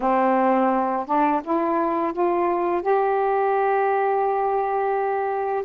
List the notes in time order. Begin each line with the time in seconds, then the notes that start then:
0.00 C4
1.06 D4
1.44 E4
2.12 F4
2.82 G4